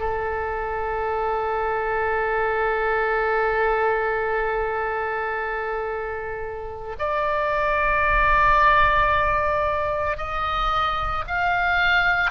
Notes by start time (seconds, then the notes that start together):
0.00 A4
6.99 D5
10.17 D#5
11.27 F5